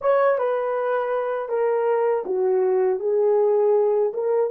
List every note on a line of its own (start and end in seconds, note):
0.01 0.38 C#5
0.38 1.48 B4
1.48 2.23 A#4
2.25 2.99 F#4
2.99 4.12 G#4
4.13 4.50 A#4